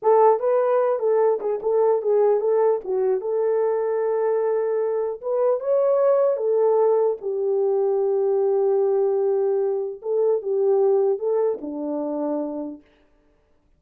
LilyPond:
\new Staff \with { instrumentName = "horn" } { \time 4/4 \tempo 4 = 150 a'4 b'4. a'4 gis'8 | a'4 gis'4 a'4 fis'4 | a'1~ | a'4 b'4 cis''2 |
a'2 g'2~ | g'1~ | g'4 a'4 g'2 | a'4 d'2. | }